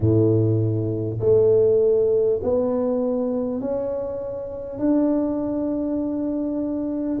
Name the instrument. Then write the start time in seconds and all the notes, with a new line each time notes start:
tuba
0.00 A2
1.19 A3
2.42 B3
3.61 C#4
4.78 D4